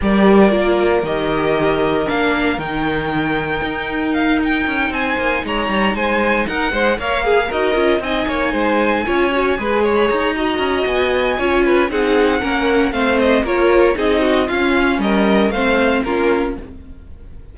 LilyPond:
<<
  \new Staff \with { instrumentName = "violin" } { \time 4/4 \tempo 4 = 116 d''2 dis''2 | f''4 g''2. | f''8 g''4 gis''4 ais''4 gis''8~ | gis''8 fis''4 f''4 dis''4 gis''8~ |
gis''2.~ gis''16 b''16 ais''8~ | ais''4 gis''2 fis''4~ | fis''4 f''8 dis''8 cis''4 dis''4 | f''4 dis''4 f''4 ais'4 | }
  \new Staff \with { instrumentName = "violin" } { \time 4/4 ais'1~ | ais'1~ | ais'4. c''4 cis''4 c''8~ | c''8 ais'8 c''8 cis''8 gis'8 ais'4 dis''8 |
cis''8 c''4 cis''4 b'8 cis''4 | dis''2 cis''8 b'8 gis'4 | ais'4 c''4 ais'4 gis'8 fis'8 | f'4 ais'4 c''4 f'4 | }
  \new Staff \with { instrumentName = "viola" } { \time 4/4 g'4 f'4 g'2 | d'4 dis'2.~ | dis'1~ | dis'4. ais'8 gis'8 fis'8 f'8 dis'8~ |
dis'4. f'8 fis'8 gis'4. | fis'2 f'4 dis'4 | cis'4 c'4 f'4 dis'4 | cis'2 c'4 cis'4 | }
  \new Staff \with { instrumentName = "cello" } { \time 4/4 g4 ais4 dis2 | ais4 dis2 dis'4~ | dis'4 cis'8 c'8 ais8 gis8 g8 gis8~ | gis8 dis'8 gis8 ais4 dis'8 cis'8 c'8 |
ais8 gis4 cis'4 gis4 dis'8~ | dis'8 cis'8 b4 cis'4 c'4 | ais4 a4 ais4 c'4 | cis'4 g4 a4 ais4 | }
>>